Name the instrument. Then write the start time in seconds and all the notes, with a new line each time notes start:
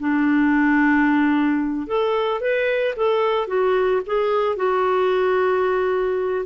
clarinet
0.00 D4
1.87 A4
2.41 B4
2.96 A4
3.47 F#4
4.06 G#4
4.57 F#4